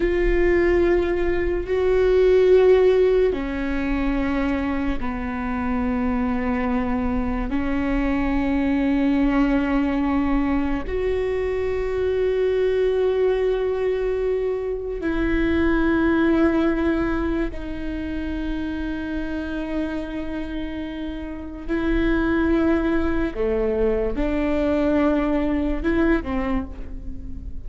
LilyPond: \new Staff \with { instrumentName = "viola" } { \time 4/4 \tempo 4 = 72 f'2 fis'2 | cis'2 b2~ | b4 cis'2.~ | cis'4 fis'2.~ |
fis'2 e'2~ | e'4 dis'2.~ | dis'2 e'2 | a4 d'2 e'8 c'8 | }